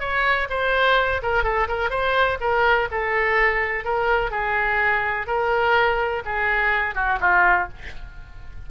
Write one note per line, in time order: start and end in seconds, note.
0.00 0.48 C#5
0.49 1.21 C5
1.22 1.43 A#4
1.43 1.67 A4
1.68 1.90 A#4
1.90 2.38 C5
2.40 2.88 A#4
2.91 3.84 A4
3.84 4.30 A#4
4.30 5.26 G#4
5.27 6.23 A#4
6.25 6.95 G#4
6.95 7.19 F#4
7.20 7.68 F4